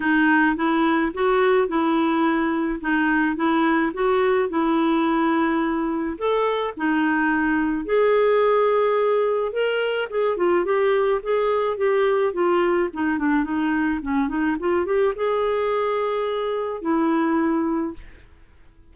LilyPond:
\new Staff \with { instrumentName = "clarinet" } { \time 4/4 \tempo 4 = 107 dis'4 e'4 fis'4 e'4~ | e'4 dis'4 e'4 fis'4 | e'2. a'4 | dis'2 gis'2~ |
gis'4 ais'4 gis'8 f'8 g'4 | gis'4 g'4 f'4 dis'8 d'8 | dis'4 cis'8 dis'8 f'8 g'8 gis'4~ | gis'2 e'2 | }